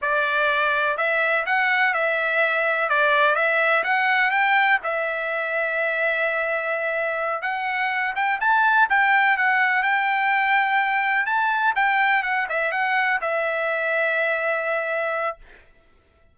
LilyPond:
\new Staff \with { instrumentName = "trumpet" } { \time 4/4 \tempo 4 = 125 d''2 e''4 fis''4 | e''2 d''4 e''4 | fis''4 g''4 e''2~ | e''2.~ e''8 fis''8~ |
fis''4 g''8 a''4 g''4 fis''8~ | fis''8 g''2. a''8~ | a''8 g''4 fis''8 e''8 fis''4 e''8~ | e''1 | }